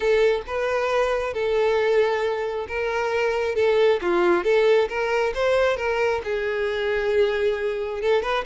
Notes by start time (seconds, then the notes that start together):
0.00 A4
0.46 B4
1.33 A4
2.68 A#4
3.55 A4
4.01 F4
4.44 A4
4.88 A#4
5.34 C5
5.77 A#4
6.24 G#4
8.01 A4
8.22 B4